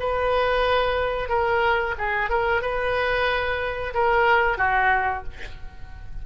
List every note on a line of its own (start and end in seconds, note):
0.00 1.29 B4
1.29 1.95 A#4
1.98 2.30 G#4
2.30 2.62 A#4
2.62 3.94 B4
3.94 4.58 A#4
4.58 5.24 F#4